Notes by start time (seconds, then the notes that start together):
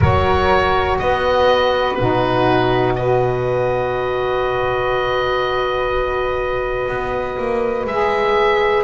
0.00 F#3 F#4 A#4 C#5
0.98 B3 B4 D#5
1.94 B2 D#4 F#4 B4
2.95 F#4 B4 D#5
6.88 B3
7.38 A#3
7.85 G#3 G#4 E5